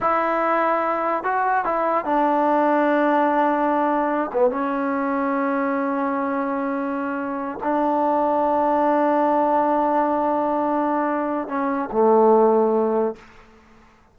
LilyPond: \new Staff \with { instrumentName = "trombone" } { \time 4/4 \tempo 4 = 146 e'2. fis'4 | e'4 d'2.~ | d'2~ d'8 b8 cis'4~ | cis'1~ |
cis'2~ cis'8 d'4.~ | d'1~ | d'1 | cis'4 a2. | }